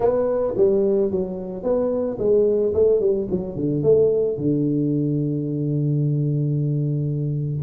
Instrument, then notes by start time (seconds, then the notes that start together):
tuba
0.00 B3
0.57 G3
1.11 F#3
1.63 B3
2.18 G#3
2.74 A3
3.00 G3
3.30 F#3
3.55 D3
3.82 A3
4.37 D3